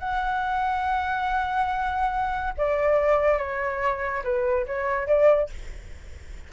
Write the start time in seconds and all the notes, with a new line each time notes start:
0.00 F#5
2.58 D5
3.39 C#5
4.24 B4
4.67 C#5
5.08 D5